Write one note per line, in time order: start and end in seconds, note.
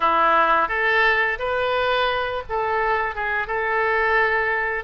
0.00 0.68 E4
0.68 1.38 A4
1.38 2.43 B4
2.49 3.15 A4
3.15 3.47 G#4
3.47 4.84 A4